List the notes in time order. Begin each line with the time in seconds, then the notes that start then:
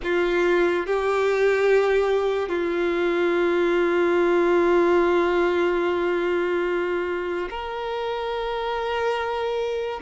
0.03 F4
0.86 G4
2.48 F4
7.50 A#4